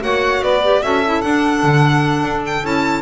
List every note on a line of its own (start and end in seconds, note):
0.00 0.42 A#3
0.00 0.60 F#4
0.00 0.42 C#5
0.00 0.43 F#5
0.42 0.82 B3
0.42 0.82 B4
0.42 0.82 D5
0.63 0.83 G4
0.82 1.23 C#4
0.82 1.03 F#4
0.82 3.02 A4
0.82 1.22 E5
1.06 1.23 E4
1.22 2.63 D4
1.22 1.63 D4
1.22 2.42 F#5
1.63 2.23 D3
2.23 2.63 D4
2.46 2.66 G5
2.63 3.02 C#4
2.63 3.02 E4
2.63 3.02 A5